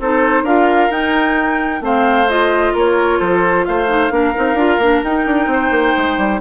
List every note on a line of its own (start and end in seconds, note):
0.00 0.43 C4
0.00 0.46 D#4
0.00 0.44 A4
0.00 0.46 C5
0.43 0.89 D4
0.43 0.90 F4
0.43 1.81 A#4
0.43 0.92 F5
0.90 1.81 D#4
0.90 1.83 G5
1.81 2.73 A3
1.81 2.27 C4
1.81 2.74 C5
1.81 2.30 F5
2.30 3.88 F4
2.30 2.75 D#5
2.74 3.21 A#3
2.74 3.19 A#4
2.74 3.21 C#5
3.19 3.67 F3
3.19 3.65 A4
3.19 3.65 C5
3.65 4.11 A3
3.65 4.14 C5
3.65 5.03 F5
3.88 4.11 D#4
4.11 4.34 A#3
4.11 4.34 D4
4.11 5.51 A#4
4.36 4.55 C4
4.36 4.58 D#4
4.55 4.78 D4
4.55 4.81 F4
4.79 5.02 A#3
4.79 5.05 D4
5.04 5.27 D#4
5.04 6.41 D#4
5.04 6.41 G5
5.27 5.47 D4
5.47 5.70 C4
5.47 6.41 C5
5.71 5.94 A#3
5.97 6.18 G#3
6.18 6.41 G3